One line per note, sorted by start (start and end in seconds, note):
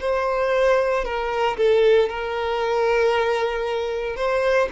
0.00 1.04 C5
1.04 1.57 A#4
1.57 2.09 A4
2.09 4.16 A#4
4.16 4.68 C5